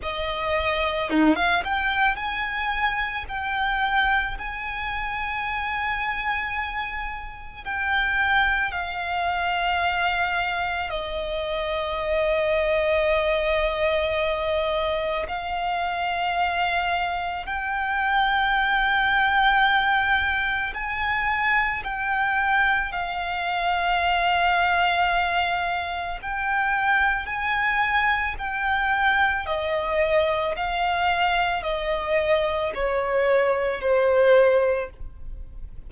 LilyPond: \new Staff \with { instrumentName = "violin" } { \time 4/4 \tempo 4 = 55 dis''4 dis'16 f''16 g''8 gis''4 g''4 | gis''2. g''4 | f''2 dis''2~ | dis''2 f''2 |
g''2. gis''4 | g''4 f''2. | g''4 gis''4 g''4 dis''4 | f''4 dis''4 cis''4 c''4 | }